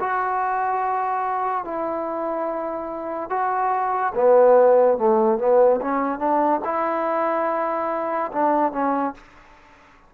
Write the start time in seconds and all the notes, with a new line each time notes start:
0.00 F#4
1.65 E4
3.30 F#4
4.15 B3
4.98 A3
5.39 B3
5.81 C#4
6.19 D4
6.65 E4
8.33 D4
8.73 C#4